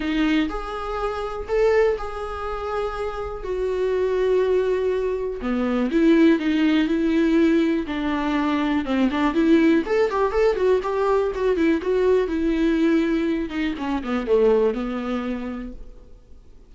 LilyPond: \new Staff \with { instrumentName = "viola" } { \time 4/4 \tempo 4 = 122 dis'4 gis'2 a'4 | gis'2. fis'4~ | fis'2. b4 | e'4 dis'4 e'2 |
d'2 c'8 d'8 e'4 | a'8 g'8 a'8 fis'8 g'4 fis'8 e'8 | fis'4 e'2~ e'8 dis'8 | cis'8 b8 a4 b2 | }